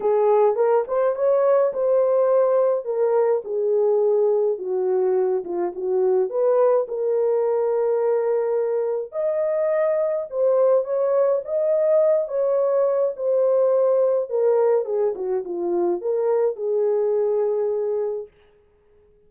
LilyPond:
\new Staff \with { instrumentName = "horn" } { \time 4/4 \tempo 4 = 105 gis'4 ais'8 c''8 cis''4 c''4~ | c''4 ais'4 gis'2 | fis'4. f'8 fis'4 b'4 | ais'1 |
dis''2 c''4 cis''4 | dis''4. cis''4. c''4~ | c''4 ais'4 gis'8 fis'8 f'4 | ais'4 gis'2. | }